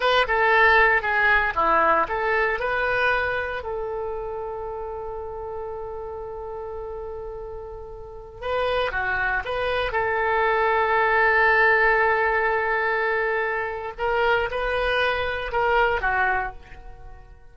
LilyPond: \new Staff \with { instrumentName = "oboe" } { \time 4/4 \tempo 4 = 116 b'8 a'4. gis'4 e'4 | a'4 b'2 a'4~ | a'1~ | a'1~ |
a'16 b'4 fis'4 b'4 a'8.~ | a'1~ | a'2. ais'4 | b'2 ais'4 fis'4 | }